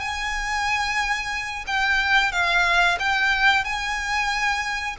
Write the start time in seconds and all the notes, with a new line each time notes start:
0.00 G#5
1.67 G5
2.32 F5
2.99 G5
3.64 G#5